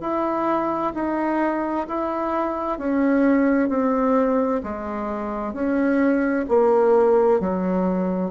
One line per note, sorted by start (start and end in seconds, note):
0.00 0.92 E4
0.94 1.87 D#4
1.87 2.78 E4
2.78 3.68 C#4
3.68 4.61 C4
4.63 5.53 G#3
5.53 6.45 C#4
6.48 7.40 A#3
7.40 8.30 F#3